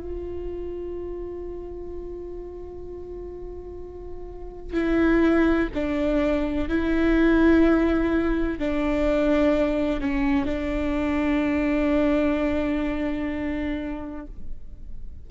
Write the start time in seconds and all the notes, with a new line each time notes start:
0.00 F4
4.73 E4
5.74 D4
6.69 E4
8.59 D4
10.00 C#4
10.45 D4